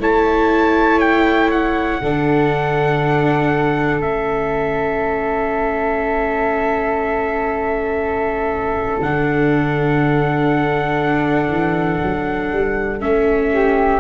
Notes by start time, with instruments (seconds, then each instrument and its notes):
0.00 tuba A3, viola E4, flute C#5, trumpet A5
1.00 trumpet G5
1.51 trumpet F#5
2.02 tuba D3, viola D4, flute A4
4.01 tuba A3, viola C#4, trumpet E5
9.01 tuba D3, viola D4, trumpet F#5
11.49 tuba E3
12.04 tuba F#3
12.52 tuba G3
13.00 tuba A3, viola C#4, trumpet E5
13.53 flute G4